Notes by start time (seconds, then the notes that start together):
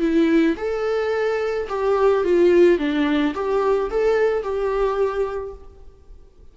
0.00 E4
0.57 A4
1.69 G4
2.24 F4
2.78 D4
3.34 G4
3.90 A4
4.42 G4